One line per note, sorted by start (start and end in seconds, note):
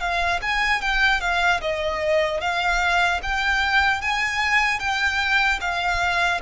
0.00 0.40 F5
0.42 0.81 G#5
0.81 1.20 G5
1.20 1.60 F5
1.61 2.41 D#5
2.41 3.21 F5
3.23 4.01 G5
4.01 4.79 G#5
4.79 5.59 G5
5.60 6.40 F5